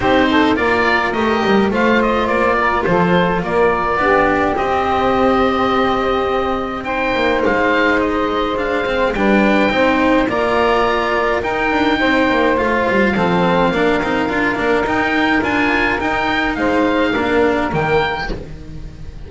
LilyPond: <<
  \new Staff \with { instrumentName = "oboe" } { \time 4/4 \tempo 4 = 105 c''4 d''4 dis''4 f''8 dis''8 | d''4 c''4 d''2 | dis''1 | g''4 f''4 dis''4 f''4 |
g''2 ais''2 | g''2 f''2~ | f''2 g''4 gis''4 | g''4 f''2 g''4 | }
  \new Staff \with { instrumentName = "saxophone" } { \time 4/4 g'8 a'8 ais'2 c''4~ | c''8 ais'8 a'4 ais'4 g'4~ | g'1 | c''1 |
b'4 c''4 d''2 | ais'4 c''2 a'4 | ais'1~ | ais'4 c''4 ais'2 | }
  \new Staff \with { instrumentName = "cello" } { \time 4/4 dis'4 f'4 g'4 f'4~ | f'2. d'4 | c'1 | dis'2. d'8 c'8 |
d'4 dis'4 f'2 | dis'2 f'4 c'4 | d'8 dis'8 f'8 d'8 dis'4 f'4 | dis'2 d'4 ais4 | }
  \new Staff \with { instrumentName = "double bass" } { \time 4/4 c'4 ais4 a8 g8 a4 | ais4 f4 ais4 b4 | c'1~ | c'8 ais8 gis2. |
g4 c'4 ais2 | dis'8 d'8 c'8 ais8 a8 g8 f4 | ais8 c'8 d'8 ais8 dis'4 d'4 | dis'4 gis4 ais4 dis4 | }
>>